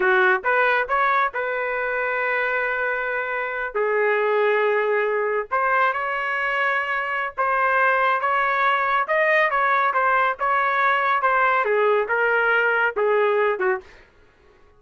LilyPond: \new Staff \with { instrumentName = "trumpet" } { \time 4/4 \tempo 4 = 139 fis'4 b'4 cis''4 b'4~ | b'1~ | b'8. gis'2.~ gis'16~ | gis'8. c''4 cis''2~ cis''16~ |
cis''4 c''2 cis''4~ | cis''4 dis''4 cis''4 c''4 | cis''2 c''4 gis'4 | ais'2 gis'4. fis'8 | }